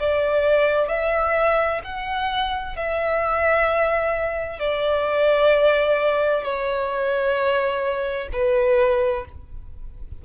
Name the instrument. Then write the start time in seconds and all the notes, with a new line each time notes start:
violin
0.00 D5
0.89 E5
1.84 F#5
2.76 E5
4.59 D5
6.44 C#5
8.33 B4